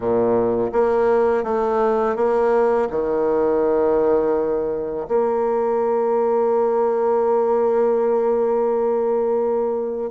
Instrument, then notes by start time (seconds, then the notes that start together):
bassoon
0.00 A#2
0.72 A#3
1.43 A3
2.16 A#3
2.90 D#3
5.08 A#3